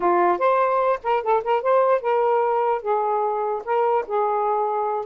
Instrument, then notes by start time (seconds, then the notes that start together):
saxophone
0.00 F4
0.38 C5
1.03 A#4
1.23 A4
1.44 A#4
1.62 C5
2.01 A#4
2.82 G#4
3.64 A#4
4.07 G#4